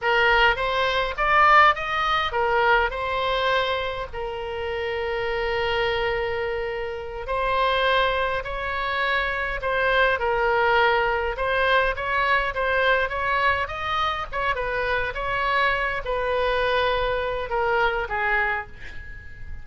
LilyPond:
\new Staff \with { instrumentName = "oboe" } { \time 4/4 \tempo 4 = 103 ais'4 c''4 d''4 dis''4 | ais'4 c''2 ais'4~ | ais'1~ | ais'8 c''2 cis''4.~ |
cis''8 c''4 ais'2 c''8~ | c''8 cis''4 c''4 cis''4 dis''8~ | dis''8 cis''8 b'4 cis''4. b'8~ | b'2 ais'4 gis'4 | }